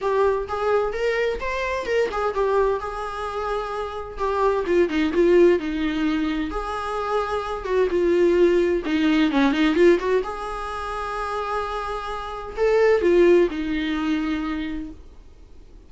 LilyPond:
\new Staff \with { instrumentName = "viola" } { \time 4/4 \tempo 4 = 129 g'4 gis'4 ais'4 c''4 | ais'8 gis'8 g'4 gis'2~ | gis'4 g'4 f'8 dis'8 f'4 | dis'2 gis'2~ |
gis'8 fis'8 f'2 dis'4 | cis'8 dis'8 f'8 fis'8 gis'2~ | gis'2. a'4 | f'4 dis'2. | }